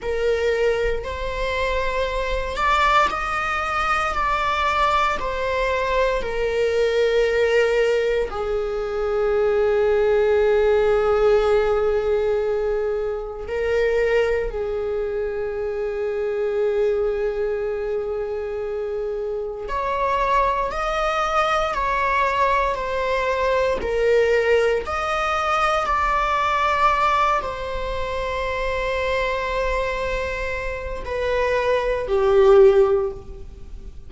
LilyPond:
\new Staff \with { instrumentName = "viola" } { \time 4/4 \tempo 4 = 58 ais'4 c''4. d''8 dis''4 | d''4 c''4 ais'2 | gis'1~ | gis'4 ais'4 gis'2~ |
gis'2. cis''4 | dis''4 cis''4 c''4 ais'4 | dis''4 d''4. c''4.~ | c''2 b'4 g'4 | }